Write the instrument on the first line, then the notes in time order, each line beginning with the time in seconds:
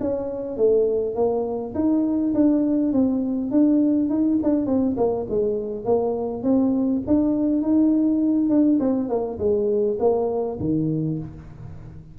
tuba
0.00 C#4
0.57 A3
1.15 A#3
1.74 D#4
2.34 D4
2.92 C4
3.51 D4
4.09 D#4
4.43 D4
4.66 C4
4.97 A#3
5.29 G#3
5.84 A#3
6.43 C4
7.07 D4
7.61 D#4
8.49 D4
8.80 C4
9.09 A#3
9.39 G#3
9.99 A#3
10.60 D#3